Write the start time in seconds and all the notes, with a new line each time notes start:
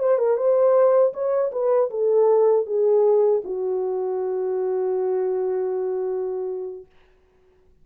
0.00 C5
0.19 A#4
0.37 C5
1.14 C#5
1.52 B4
1.91 A4
2.67 G#4
3.45 F#4